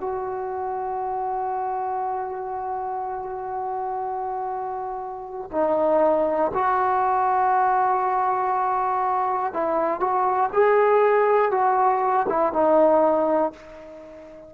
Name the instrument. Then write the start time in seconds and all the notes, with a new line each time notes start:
trombone
0.00 F#4
5.52 D#4
6.54 F#4
9.53 E4
10.00 F#4
10.53 G#4
11.51 F#4
12.29 E4
12.52 D#4